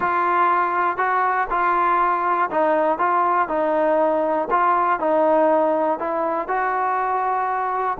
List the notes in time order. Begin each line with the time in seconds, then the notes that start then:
0.00 F4
0.97 F#4
1.50 F4
2.50 D#4
2.98 F4
3.48 D#4
4.50 F4
4.99 D#4
5.99 E4
6.48 F#4